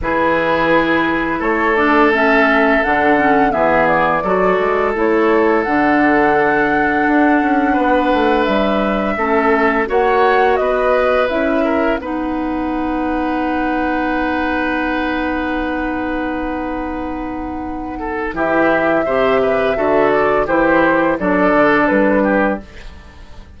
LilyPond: <<
  \new Staff \with { instrumentName = "flute" } { \time 4/4 \tempo 4 = 85 b'2 cis''8 d''8 e''4 | fis''4 e''8 d''4. cis''4 | fis''1 | e''2 fis''4 dis''4 |
e''4 fis''2.~ | fis''1~ | fis''2 e''2~ | e''8 d''8 c''4 d''4 b'4 | }
  \new Staff \with { instrumentName = "oboe" } { \time 4/4 gis'2 a'2~ | a'4 gis'4 a'2~ | a'2. b'4~ | b'4 a'4 cis''4 b'4~ |
b'8 ais'8 b'2.~ | b'1~ | b'4. a'8 g'4 c''8 b'8 | a'4 g'4 a'4. g'8 | }
  \new Staff \with { instrumentName = "clarinet" } { \time 4/4 e'2~ e'8 d'8 cis'4 | d'8 cis'8 b4 fis'4 e'4 | d'1~ | d'4 cis'4 fis'2 |
e'4 dis'2.~ | dis'1~ | dis'2 e'4 g'4 | fis'4 e'4 d'2 | }
  \new Staff \with { instrumentName = "bassoon" } { \time 4/4 e2 a2 | d4 e4 fis8 gis8 a4 | d2 d'8 cis'8 b8 a8 | g4 a4 ais4 b4 |
cis'4 b2.~ | b1~ | b2 e4 c4 | d4 e4 fis8 d8 g4 | }
>>